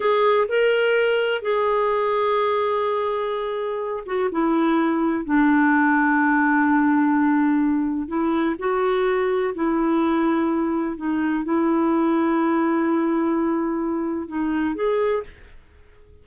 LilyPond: \new Staff \with { instrumentName = "clarinet" } { \time 4/4 \tempo 4 = 126 gis'4 ais'2 gis'4~ | gis'1~ | gis'8 fis'8 e'2 d'4~ | d'1~ |
d'4 e'4 fis'2 | e'2. dis'4 | e'1~ | e'2 dis'4 gis'4 | }